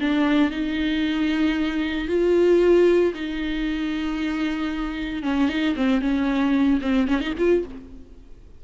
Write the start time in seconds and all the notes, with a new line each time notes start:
0.00 D4
0.51 D#4
2.08 F4
3.14 D#4
5.23 C#4
5.49 D#4
5.76 C4
6.01 C#4
6.81 C4
7.08 C#4
7.21 D#4
7.38 F4